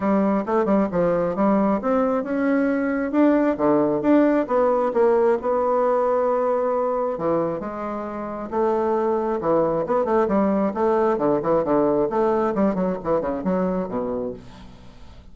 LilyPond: \new Staff \with { instrumentName = "bassoon" } { \time 4/4 \tempo 4 = 134 g4 a8 g8 f4 g4 | c'4 cis'2 d'4 | d4 d'4 b4 ais4 | b1 |
e4 gis2 a4~ | a4 e4 b8 a8 g4 | a4 d8 e8 d4 a4 | g8 fis8 e8 cis8 fis4 b,4 | }